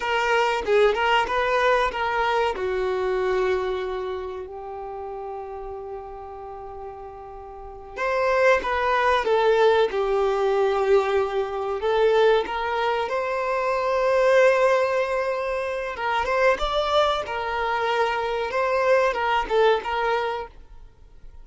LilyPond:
\new Staff \with { instrumentName = "violin" } { \time 4/4 \tempo 4 = 94 ais'4 gis'8 ais'8 b'4 ais'4 | fis'2. g'4~ | g'1~ | g'8 c''4 b'4 a'4 g'8~ |
g'2~ g'8 a'4 ais'8~ | ais'8 c''2.~ c''8~ | c''4 ais'8 c''8 d''4 ais'4~ | ais'4 c''4 ais'8 a'8 ais'4 | }